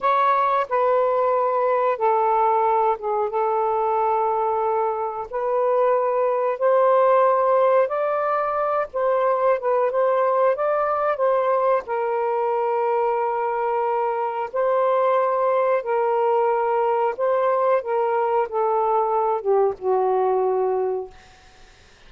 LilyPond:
\new Staff \with { instrumentName = "saxophone" } { \time 4/4 \tempo 4 = 91 cis''4 b'2 a'4~ | a'8 gis'8 a'2. | b'2 c''2 | d''4. c''4 b'8 c''4 |
d''4 c''4 ais'2~ | ais'2 c''2 | ais'2 c''4 ais'4 | a'4. g'8 fis'2 | }